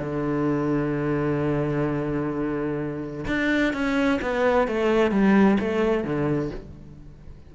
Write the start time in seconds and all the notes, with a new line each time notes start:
0.00 D3
3.27 D4
3.73 C#4
4.22 B3
4.68 A3
5.11 G3
5.60 A3
6.04 D3